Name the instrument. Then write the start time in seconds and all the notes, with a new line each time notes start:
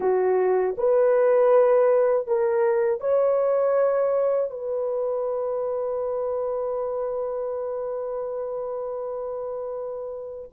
horn
0.00 F#4
0.77 B4
2.27 A#4
3.00 C#5
4.50 B4